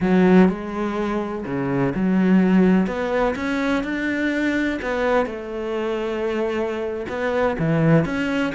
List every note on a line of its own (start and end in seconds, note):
0.00 0.48 F#3
0.48 1.44 G#3
1.45 1.93 C#3
1.95 2.86 F#3
2.86 3.34 B3
3.35 3.83 C#4
3.83 4.79 D4
4.82 5.26 B3
5.26 7.06 A3
7.08 7.56 B3
7.58 8.05 E3
8.05 8.53 C#4